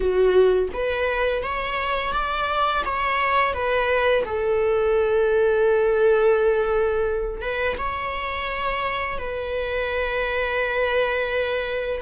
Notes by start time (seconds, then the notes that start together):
0.00 F#4
0.73 B4
1.42 C#5
2.12 D5
2.85 C#5
3.53 B4
4.25 A4
7.41 B4
7.77 C#5
9.18 B4